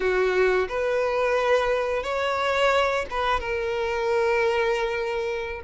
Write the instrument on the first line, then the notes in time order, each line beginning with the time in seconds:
violin
0.00 F#4
0.68 B4
2.03 C#5
3.10 B4
3.40 A#4